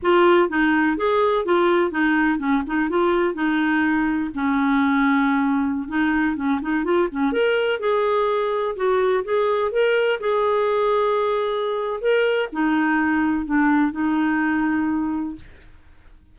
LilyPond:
\new Staff \with { instrumentName = "clarinet" } { \time 4/4 \tempo 4 = 125 f'4 dis'4 gis'4 f'4 | dis'4 cis'8 dis'8 f'4 dis'4~ | dis'4 cis'2.~ | cis'16 dis'4 cis'8 dis'8 f'8 cis'8 ais'8.~ |
ais'16 gis'2 fis'4 gis'8.~ | gis'16 ais'4 gis'2~ gis'8.~ | gis'4 ais'4 dis'2 | d'4 dis'2. | }